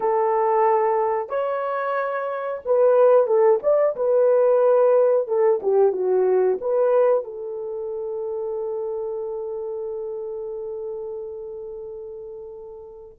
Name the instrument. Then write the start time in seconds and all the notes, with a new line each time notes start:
horn
0.00 A4
1.29 C#5
2.65 B4
3.26 A4
3.62 D5
3.96 B4
5.27 A4
5.62 G4
5.92 F#4
6.61 B4
7.23 A4